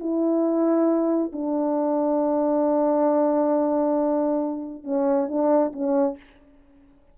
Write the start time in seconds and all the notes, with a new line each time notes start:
0.00 E4
1.33 D4
4.84 C#4
5.29 D4
5.73 C#4